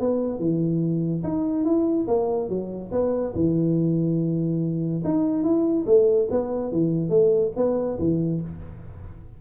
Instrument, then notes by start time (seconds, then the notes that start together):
tuba
0.00 B3
0.39 E3
1.24 D#4
1.65 E4
2.08 A#3
2.49 F#3
2.92 B3
3.35 E3
5.04 D#4
5.43 E4
5.86 A3
6.31 B3
6.72 E3
7.09 A3
7.56 B3
7.99 E3